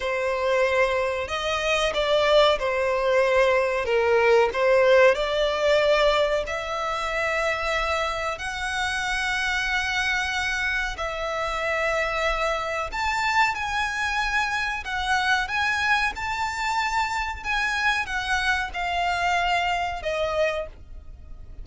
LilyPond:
\new Staff \with { instrumentName = "violin" } { \time 4/4 \tempo 4 = 93 c''2 dis''4 d''4 | c''2 ais'4 c''4 | d''2 e''2~ | e''4 fis''2.~ |
fis''4 e''2. | a''4 gis''2 fis''4 | gis''4 a''2 gis''4 | fis''4 f''2 dis''4 | }